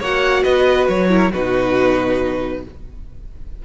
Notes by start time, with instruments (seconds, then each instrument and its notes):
0.00 cello A#3, viola F#4, violin C#5 F#5
0.43 cello B3, violin B4 D#5
0.89 cello F#3, violin C#5
1.10 viola E4, violin A#4
1.32 cello B2, viola D#4, violin F#4 B4